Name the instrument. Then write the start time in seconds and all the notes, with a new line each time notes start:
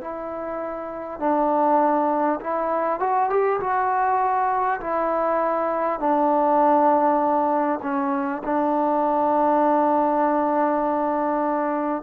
trombone
0.00 E4
1.19 D4
2.40 E4
2.99 F#4
3.29 G4
3.60 F#4
4.80 E4
5.99 D4
7.82 C#4
8.43 D4